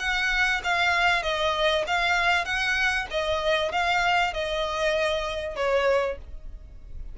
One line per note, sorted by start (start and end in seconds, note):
0.00 0.62 F#5
0.64 1.23 F5
1.23 1.85 D#5
1.87 2.45 F5
2.45 3.07 F#5
3.11 3.72 D#5
3.72 4.34 F5
4.34 5.56 D#5
5.56 6.18 C#5